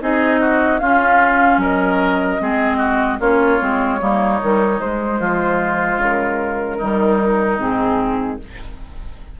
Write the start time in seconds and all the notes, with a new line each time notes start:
0.00 C4 D#4 G#4 D#5
0.40 F#4
0.79 C#4 F4 F5
1.57 F#3 A#4 D#5
2.40 G#3 C4 G#4
2.77 F#4
3.20 A#3 C#4 F4 C#5
3.59 G#3 C4
4.00 G3 A#3 D#4
4.41 D#3 G3
4.79 G#3 C5
5.20 F3 F4
5.98 C#3
6.04 A#4
6.77 D#3 G3 D#4
7.59 G#2 C4 G#4